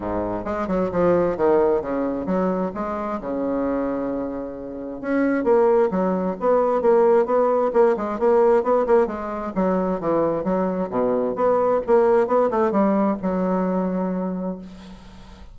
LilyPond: \new Staff \with { instrumentName = "bassoon" } { \time 4/4 \tempo 4 = 132 gis,4 gis8 fis8 f4 dis4 | cis4 fis4 gis4 cis4~ | cis2. cis'4 | ais4 fis4 b4 ais4 |
b4 ais8 gis8 ais4 b8 ais8 | gis4 fis4 e4 fis4 | b,4 b4 ais4 b8 a8 | g4 fis2. | }